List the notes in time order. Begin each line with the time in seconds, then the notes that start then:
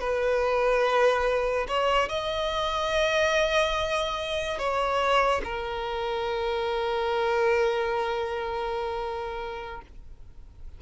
0.00 B4
1.68 C#5
2.09 D#5
4.58 C#5
5.44 A#4